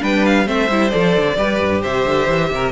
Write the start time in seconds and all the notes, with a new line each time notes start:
0.00 G3 D4 B4 G5
0.25 F5
0.46 A3 C4 C5 E5
0.70 G3 E4
0.90 F3 A4 D5
1.16 D3
1.37 G3 G4 B4
1.60 G2
1.82 C3 C5 E5
2.06 D3
2.28 E3
2.51 C3 A#4